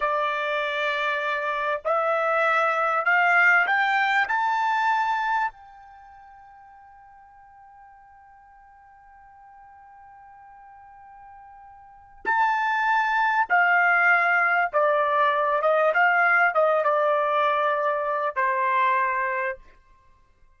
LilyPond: \new Staff \with { instrumentName = "trumpet" } { \time 4/4 \tempo 4 = 98 d''2. e''4~ | e''4 f''4 g''4 a''4~ | a''4 g''2.~ | g''1~ |
g''1 | a''2 f''2 | d''4. dis''8 f''4 dis''8 d''8~ | d''2 c''2 | }